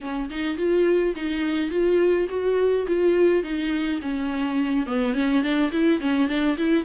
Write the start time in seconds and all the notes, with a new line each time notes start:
0.01 C#4
0.29 D#4
0.57 F4
1.15 D#4
1.70 F4
2.29 F#4
2.87 F4
3.43 D#4
4.01 C#4
4.86 B3
5.14 C#4
5.42 D4
5.72 E4
6.00 C#4
6.28 D4
6.57 E4